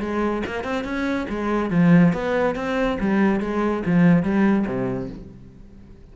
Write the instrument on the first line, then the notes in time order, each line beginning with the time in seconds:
cello
0.00 G#3
0.46 A#3
0.63 C4
0.84 C#4
1.29 G#3
1.70 F3
2.13 B3
2.55 C4
3.00 G3
3.40 G#3
3.85 F3
4.23 G3
4.66 C3